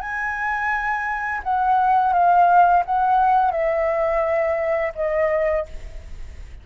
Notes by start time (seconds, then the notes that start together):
0.00 G#5
1.43 F#5
2.13 F5
2.85 F#5
3.51 E5
4.95 D#5